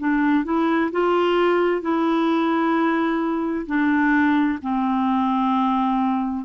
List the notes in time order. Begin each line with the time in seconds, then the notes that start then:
0.00 D4
0.45 E4
0.92 F4
1.82 E4
3.67 D4
4.62 C4